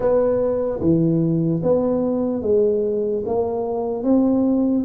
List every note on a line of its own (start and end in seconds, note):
0.00 0.79 B3
0.80 1.61 E3
1.63 2.41 B3
2.41 3.22 G#3
3.25 4.03 A#3
4.03 4.84 C4